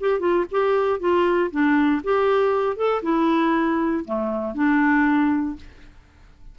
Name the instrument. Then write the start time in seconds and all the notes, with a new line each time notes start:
clarinet
0.00 G4
0.20 F4
0.51 G4
1.00 F4
1.51 D4
2.04 G4
2.77 A4
3.03 E4
4.05 A3
4.55 D4